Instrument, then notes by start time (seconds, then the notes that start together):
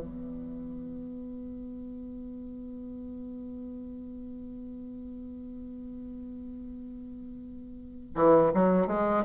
bassoon
0.00 B3
8.15 E3
8.54 F#3
8.87 G#3